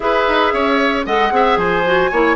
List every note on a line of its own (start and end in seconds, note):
0.00 0.25 E4
0.00 1.05 G#4
0.00 0.53 B4
0.00 1.03 E5
0.28 0.53 D#4
0.53 1.06 C#4
0.53 1.05 C#5
1.05 1.31 G#3
1.05 1.30 A4
1.05 1.32 D#5
1.05 1.56 F#5
1.30 1.56 C4
1.30 1.83 G#4
1.30 1.58 E5
1.56 2.09 F3
1.56 2.11 C5
1.56 2.35 G#5
1.85 2.11 F#4
2.11 2.35 A#3
2.11 2.35 E4
2.11 2.35 C#5